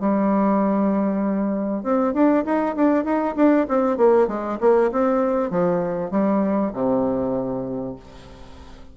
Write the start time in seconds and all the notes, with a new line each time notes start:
0.00 G3
1.83 C4
2.14 D4
2.45 D#4
2.76 D4
3.04 D#4
3.36 D4
3.68 C4
3.97 A#3
4.28 G#3
4.60 A#3
4.92 C4
5.50 F3
6.11 G3
6.73 C3